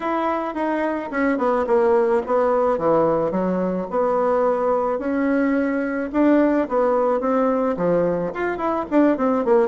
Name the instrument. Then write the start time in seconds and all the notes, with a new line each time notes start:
bassoon
0.00 E4
0.54 D#4
1.10 C#4
1.38 B3
1.66 A#3
2.26 B3
2.78 E3
3.31 F#3
3.90 B3
4.98 C#4
6.12 D4
6.68 B3
7.20 C4
7.77 F3
8.34 F4
8.57 E4
8.90 D4
9.17 C4
9.44 A#3